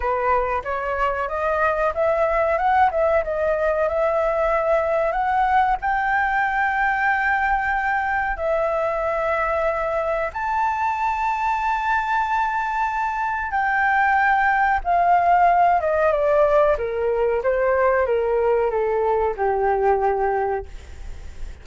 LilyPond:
\new Staff \with { instrumentName = "flute" } { \time 4/4 \tempo 4 = 93 b'4 cis''4 dis''4 e''4 | fis''8 e''8 dis''4 e''2 | fis''4 g''2.~ | g''4 e''2. |
a''1~ | a''4 g''2 f''4~ | f''8 dis''8 d''4 ais'4 c''4 | ais'4 a'4 g'2 | }